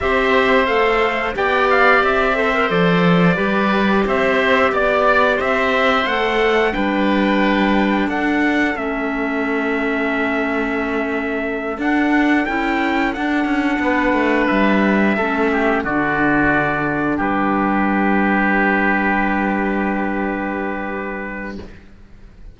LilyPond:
<<
  \new Staff \with { instrumentName = "trumpet" } { \time 4/4 \tempo 4 = 89 e''4 f''4 g''8 f''8 e''4 | d''2 e''4 d''4 | e''4 fis''4 g''2 | fis''4 e''2.~ |
e''4. fis''4 g''4 fis''8~ | fis''4. e''2 d''8~ | d''4. b'2~ b'8~ | b'1 | }
  \new Staff \with { instrumentName = "oboe" } { \time 4/4 c''2 d''4. c''8~ | c''4 b'4 c''4 d''4 | c''2 b'2 | a'1~ |
a'1~ | a'8 b'2 a'8 g'8 fis'8~ | fis'4. g'2~ g'8~ | g'1 | }
  \new Staff \with { instrumentName = "clarinet" } { \time 4/4 g'4 a'4 g'4. a'16 ais'16 | a'4 g'2.~ | g'4 a'4 d'2~ | d'4 cis'2.~ |
cis'4. d'4 e'4 d'8~ | d'2~ d'8 cis'4 d'8~ | d'1~ | d'1 | }
  \new Staff \with { instrumentName = "cello" } { \time 4/4 c'4 a4 b4 c'4 | f4 g4 c'4 b4 | c'4 a4 g2 | d'4 a2.~ |
a4. d'4 cis'4 d'8 | cis'8 b8 a8 g4 a4 d8~ | d4. g2~ g8~ | g1 | }
>>